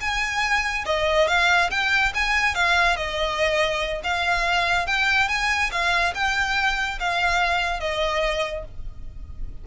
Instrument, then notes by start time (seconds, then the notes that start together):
violin
0.00 G#5
0.85 D#5
1.28 F5
1.70 G5
2.14 G#5
2.55 F5
2.96 D#5
4.03 F5
4.86 G5
5.28 G#5
5.71 F5
6.14 G5
6.99 F5
7.80 D#5